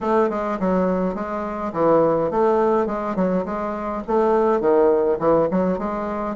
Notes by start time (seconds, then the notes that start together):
0.00 A3
0.29 G#3
0.59 F#3
1.14 G#3
1.73 E3
2.31 A3
2.86 G#3
3.15 F#3
3.45 G#3
4.07 A3
4.60 D#3
5.19 E3
5.50 F#3
5.78 G#3